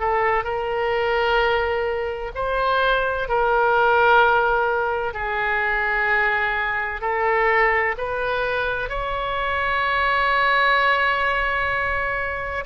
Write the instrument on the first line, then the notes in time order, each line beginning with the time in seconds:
oboe
0.00 A4
0.45 A#4
2.35 C5
3.29 A#4
5.14 G#4
7.02 A4
7.98 B4
8.90 C#5